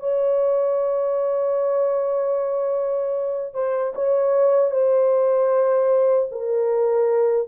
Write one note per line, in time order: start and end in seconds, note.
0.00 3.54 C#5
3.54 3.94 C5
3.95 4.71 C#5
4.71 6.29 C5
6.32 7.48 A#4